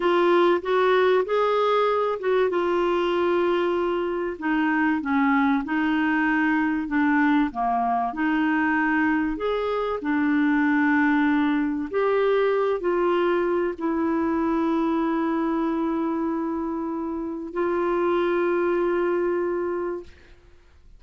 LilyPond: \new Staff \with { instrumentName = "clarinet" } { \time 4/4 \tempo 4 = 96 f'4 fis'4 gis'4. fis'8 | f'2. dis'4 | cis'4 dis'2 d'4 | ais4 dis'2 gis'4 |
d'2. g'4~ | g'8 f'4. e'2~ | e'1 | f'1 | }